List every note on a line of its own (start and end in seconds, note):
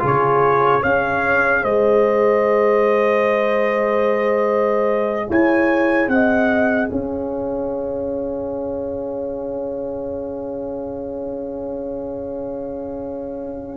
0.00 0.84 C#3
0.00 0.81 F4
0.00 0.81 G#4
0.06 0.83 C#5
0.81 1.64 C#4
0.81 13.78 G#4
0.81 1.62 C#5
0.81 1.64 F5
1.62 5.29 G#3
1.62 5.27 C5
1.62 5.29 D#5
5.29 6.08 E4
5.29 6.10 C#5
5.29 6.09 G#5
6.08 6.89 C4
6.08 6.91 D#5
6.08 6.90 F#5
6.90 13.78 C#4
6.90 13.78 C#5
6.90 13.78 F5